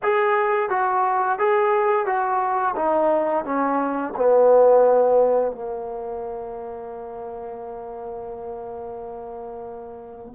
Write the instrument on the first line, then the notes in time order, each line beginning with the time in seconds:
trombone
0.03 G#4
0.69 F#4
1.39 G#4
2.06 F#4
2.76 D#4
3.44 C#4
4.16 B3
5.52 A#3